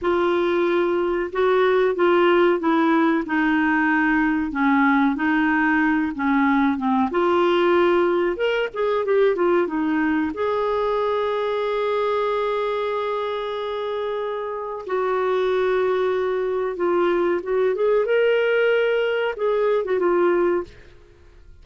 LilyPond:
\new Staff \with { instrumentName = "clarinet" } { \time 4/4 \tempo 4 = 93 f'2 fis'4 f'4 | e'4 dis'2 cis'4 | dis'4. cis'4 c'8 f'4~ | f'4 ais'8 gis'8 g'8 f'8 dis'4 |
gis'1~ | gis'2. fis'4~ | fis'2 f'4 fis'8 gis'8 | ais'2 gis'8. fis'16 f'4 | }